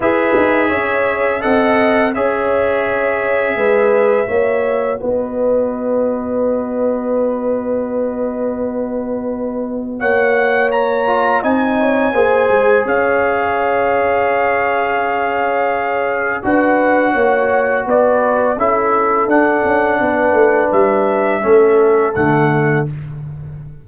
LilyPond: <<
  \new Staff \with { instrumentName = "trumpet" } { \time 4/4 \tempo 4 = 84 e''2 fis''4 e''4~ | e''2. dis''4~ | dis''1~ | dis''2 fis''4 ais''4 |
gis''2 f''2~ | f''2. fis''4~ | fis''4 d''4 e''4 fis''4~ | fis''4 e''2 fis''4 | }
  \new Staff \with { instrumentName = "horn" } { \time 4/4 b'4 cis''4 dis''4 cis''4~ | cis''4 b'4 cis''4 b'4~ | b'1~ | b'2 cis''2 |
dis''8 cis''8 c''4 cis''2~ | cis''2. b'4 | cis''4 b'4 a'2 | b'2 a'2 | }
  \new Staff \with { instrumentName = "trombone" } { \time 4/4 gis'2 a'4 gis'4~ | gis'2 fis'2~ | fis'1~ | fis'2.~ fis'8 f'8 |
dis'4 gis'2.~ | gis'2. fis'4~ | fis'2 e'4 d'4~ | d'2 cis'4 a4 | }
  \new Staff \with { instrumentName = "tuba" } { \time 4/4 e'8 dis'8 cis'4 c'4 cis'4~ | cis'4 gis4 ais4 b4~ | b1~ | b2 ais2 |
c'4 ais8 gis8 cis'2~ | cis'2. d'4 | ais4 b4 cis'4 d'8 cis'8 | b8 a8 g4 a4 d4 | }
>>